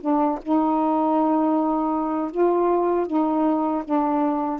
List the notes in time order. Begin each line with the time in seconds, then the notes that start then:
0.00 D4
0.42 D#4
2.31 F4
3.06 D#4
3.84 D4